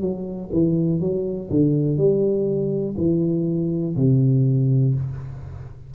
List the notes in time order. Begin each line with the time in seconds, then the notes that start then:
0.00 F#3
0.52 E3
1.00 F#3
1.49 D3
1.97 G3
2.97 E3
3.96 C3